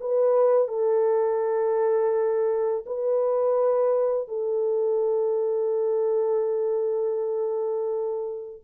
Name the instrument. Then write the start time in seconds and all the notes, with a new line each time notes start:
horn
0.00 B4
0.68 A4
2.86 B4
4.27 A4